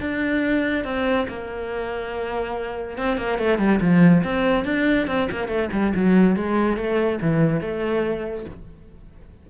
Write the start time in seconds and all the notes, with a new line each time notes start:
0.00 D4
0.85 C4
1.28 A#3
2.98 C4
3.17 A#3
3.38 A3
3.58 G3
3.81 F3
4.23 C4
4.65 D4
5.07 C4
5.31 A#3
5.48 A3
5.72 G3
5.95 F#3
6.36 G#3
6.77 A3
7.22 E3
7.61 A3